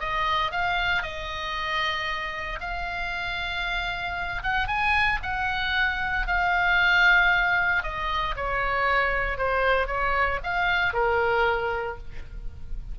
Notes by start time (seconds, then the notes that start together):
0.00 D#5
0.52 F5
1.03 D#5
2.60 F5
4.43 F#5
4.67 G#5
5.23 F#5
6.27 F5
7.83 D#5
8.36 C#5
9.38 C5
9.87 C#5
10.43 F5
10.94 A#4